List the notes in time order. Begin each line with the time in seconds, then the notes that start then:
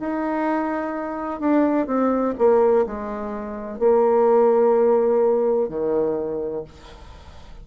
0.00 D#4
1.41 D4
1.87 C4
2.39 A#3
2.87 G#3
3.80 A#3
5.69 D#3